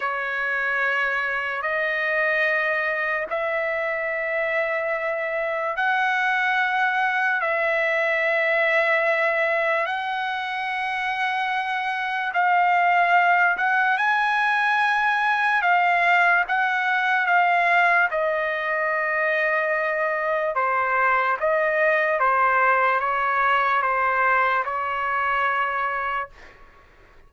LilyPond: \new Staff \with { instrumentName = "trumpet" } { \time 4/4 \tempo 4 = 73 cis''2 dis''2 | e''2. fis''4~ | fis''4 e''2. | fis''2. f''4~ |
f''8 fis''8 gis''2 f''4 | fis''4 f''4 dis''2~ | dis''4 c''4 dis''4 c''4 | cis''4 c''4 cis''2 | }